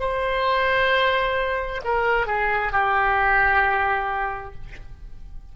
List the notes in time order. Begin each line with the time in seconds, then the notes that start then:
0.00 C5
1.84 A#4
2.27 G#4
2.72 G4